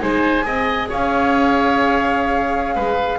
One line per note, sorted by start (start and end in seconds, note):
0.00 0.45 G#3
0.00 0.42 D#4
0.00 0.45 C5
0.00 0.88 G#5
0.42 0.88 C4
0.42 3.15 G#4
0.42 0.89 D#5
0.89 2.76 C#4
0.89 2.75 C#5
0.89 3.18 F5
2.75 3.18 G#3
2.75 3.18 B4